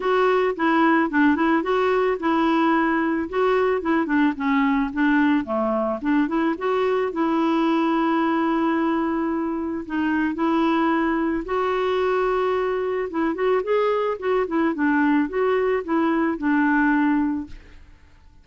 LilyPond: \new Staff \with { instrumentName = "clarinet" } { \time 4/4 \tempo 4 = 110 fis'4 e'4 d'8 e'8 fis'4 | e'2 fis'4 e'8 d'8 | cis'4 d'4 a4 d'8 e'8 | fis'4 e'2.~ |
e'2 dis'4 e'4~ | e'4 fis'2. | e'8 fis'8 gis'4 fis'8 e'8 d'4 | fis'4 e'4 d'2 | }